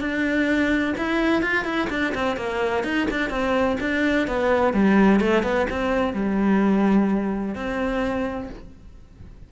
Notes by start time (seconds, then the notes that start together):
0.00 D4
0.97 E4
1.42 F4
1.65 E4
1.90 D4
2.15 C4
2.36 A#3
2.84 D#4
3.11 D4
3.30 C4
3.80 D4
4.28 B3
4.73 G3
5.20 A3
5.43 B3
5.70 C4
6.14 G3
7.55 C4